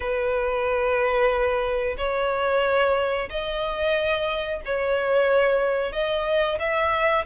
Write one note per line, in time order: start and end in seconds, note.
0.00 1.96 B4
1.97 3.29 C#5
3.29 4.61 D#5
4.65 5.92 C#5
5.92 6.58 D#5
6.59 7.25 E5